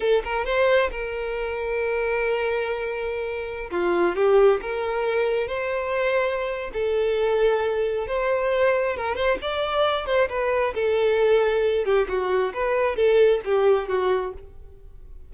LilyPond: \new Staff \with { instrumentName = "violin" } { \time 4/4 \tempo 4 = 134 a'8 ais'8 c''4 ais'2~ | ais'1~ | ais'16 f'4 g'4 ais'4.~ ais'16~ | ais'16 c''2~ c''8. a'4~ |
a'2 c''2 | ais'8 c''8 d''4. c''8 b'4 | a'2~ a'8 g'8 fis'4 | b'4 a'4 g'4 fis'4 | }